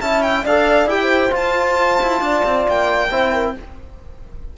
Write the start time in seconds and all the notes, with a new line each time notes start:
0.00 C#4 E4 E5 A5
0.22 G5
0.43 D4 A4 D5 F5
0.85 E4 G4 G5
1.01 C5
1.30 F4 A5
2.02 E4
2.20 D4 D5
2.44 C4
2.68 A#3 G5
3.10 C4 E4 C5
3.32 A#4